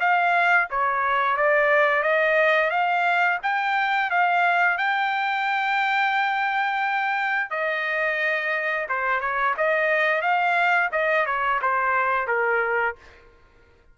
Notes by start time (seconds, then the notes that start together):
0.00 F5
0.70 C#5
1.37 D5
2.03 D#5
2.71 F5
3.43 G5
4.11 F5
4.78 G5
7.51 D#5
8.89 C5
9.20 C#5
9.57 D#5
10.22 F5
10.92 D#5
11.26 C#5
11.62 C5
12.28 A#4